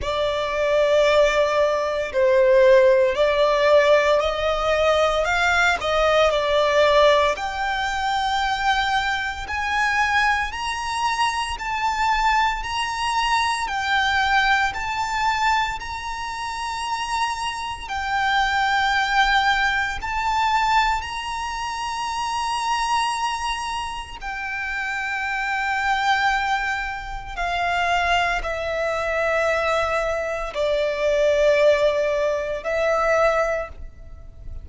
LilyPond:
\new Staff \with { instrumentName = "violin" } { \time 4/4 \tempo 4 = 57 d''2 c''4 d''4 | dis''4 f''8 dis''8 d''4 g''4~ | g''4 gis''4 ais''4 a''4 | ais''4 g''4 a''4 ais''4~ |
ais''4 g''2 a''4 | ais''2. g''4~ | g''2 f''4 e''4~ | e''4 d''2 e''4 | }